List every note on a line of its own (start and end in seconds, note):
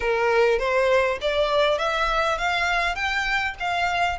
0.00 0.59 A#4
0.59 1.18 C5
1.21 1.78 D5
1.78 2.38 E5
2.38 2.95 F5
2.95 3.54 G5
3.59 4.19 F5